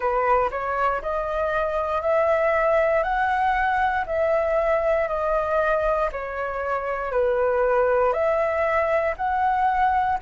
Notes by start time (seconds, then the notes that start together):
0.00 B4
0.50 C#5
1.02 D#5
2.01 E5
3.03 F#5
4.06 E5
5.08 D#5
6.12 C#5
7.11 B4
8.12 E5
9.16 F#5